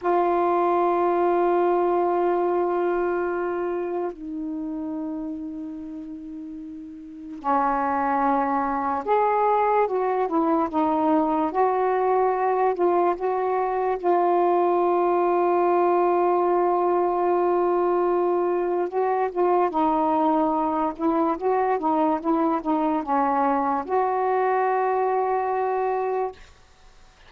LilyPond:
\new Staff \with { instrumentName = "saxophone" } { \time 4/4 \tempo 4 = 73 f'1~ | f'4 dis'2.~ | dis'4 cis'2 gis'4 | fis'8 e'8 dis'4 fis'4. f'8 |
fis'4 f'2.~ | f'2. fis'8 f'8 | dis'4. e'8 fis'8 dis'8 e'8 dis'8 | cis'4 fis'2. | }